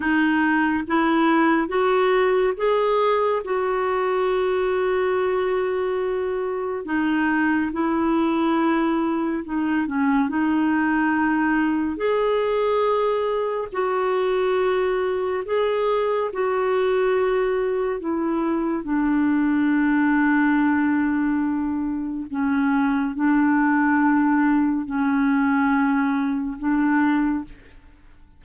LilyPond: \new Staff \with { instrumentName = "clarinet" } { \time 4/4 \tempo 4 = 70 dis'4 e'4 fis'4 gis'4 | fis'1 | dis'4 e'2 dis'8 cis'8 | dis'2 gis'2 |
fis'2 gis'4 fis'4~ | fis'4 e'4 d'2~ | d'2 cis'4 d'4~ | d'4 cis'2 d'4 | }